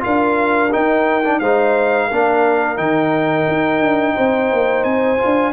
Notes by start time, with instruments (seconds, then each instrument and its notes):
0.00 trombone F4, horn A#4, trumpet F5
0.06 tuba D4
0.72 trombone D#4, tuba D#4, trumpet G5
1.24 trombone D4
1.40 tuba G#3, trombone D#4, horn C5, trumpet F5
2.08 tuba A#3, trombone D4, horn A#4
2.77 tuba D#3, trombone D#4, trumpet G5
3.48 tuba D#4
3.80 tuba D4
4.15 tuba C4, horn C5
4.52 tuba A#3
4.84 tuba C4, trumpet G#5
5.18 trombone F4
5.25 tuba D4